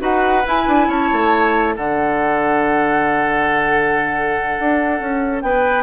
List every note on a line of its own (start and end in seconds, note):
0.00 0.44 D#4
0.00 0.43 F#4
0.00 0.88 B4
0.00 0.46 F#5
0.46 1.76 E4
0.46 0.68 E4
0.46 0.90 G#5
0.68 0.88 D4
0.88 1.09 C#4
0.88 1.75 C#5
0.88 1.75 A5
1.12 1.77 A3
1.75 4.58 D3
1.75 5.83 D4
1.75 5.43 A4
1.75 5.42 F#5
4.60 5.01 D4
5.01 5.42 C#4
5.42 5.83 B3
5.42 5.83 B4
5.42 5.83 G5